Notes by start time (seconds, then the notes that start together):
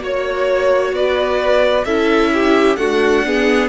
0.00 A#3 F#4 C#5
0.93 B3 B4 D5
1.85 C#4 E4 A4 E5
2.34 G4
2.76 A3 D4 F#4 F#5
3.25 B3 G#4